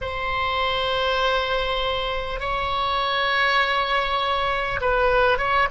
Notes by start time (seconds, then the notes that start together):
0.01 C5
2.39 C#5
4.81 B4
5.37 C#5